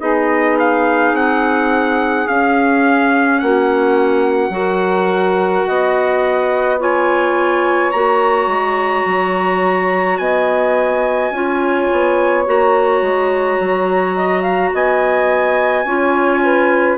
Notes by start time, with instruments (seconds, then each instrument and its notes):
0.00 bassoon B3, clarinet D#4, saxophone G#4, trumpet D#5
0.59 trumpet F5
1.13 bassoon C4, trumpet F#5
2.28 bassoon C#4, clarinet C#4, trumpet F5
3.40 bassoon A#3, saxophone F#4, trumpet F#5
4.49 bassoon F#3, clarinet F#4, saxophone A#4
5.67 bassoon B3, saxophone D#5
6.79 clarinet F4, saxophone C#5, trumpet G#5
7.92 bassoon A#3, clarinet F#4, trumpet A#5
8.47 bassoon G#3
9.05 bassoon F#3
10.18 bassoon B3, saxophone D#5, trumpet G#5
11.30 bassoon C#4, clarinet F4, saxophone C#5
11.92 bassoon B3
12.45 bassoon A#3, clarinet F#4, trumpet A#5
13.02 bassoon G#3
13.60 bassoon F#3
14.17 saxophone D#5
14.42 saxophone F5
14.73 bassoon B3, saxophone D#5, trumpet G#5
15.84 bassoon C#4, clarinet F4, saxophone C#5
16.43 saxophone B4